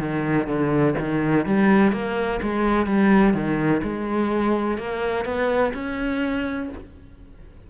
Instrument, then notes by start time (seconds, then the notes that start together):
cello
0.00 D#3
0.47 D3
0.99 D#3
1.46 G3
1.92 A#3
2.42 G#3
2.86 G3
3.34 D#3
3.84 G#3
4.78 A#3
5.25 B3
5.74 C#4